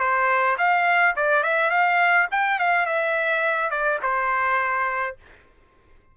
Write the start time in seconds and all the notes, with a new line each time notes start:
0.00 C5
0.58 F5
1.17 D5
1.43 E5
1.71 F5
2.31 G5
2.60 F5
2.86 E5
3.71 D5
4.03 C5